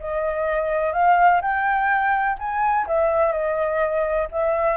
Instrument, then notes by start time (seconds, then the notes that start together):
flute
0.00 D#5
0.93 F5
1.42 G5
2.39 G#5
2.87 E5
3.32 D#5
4.32 E5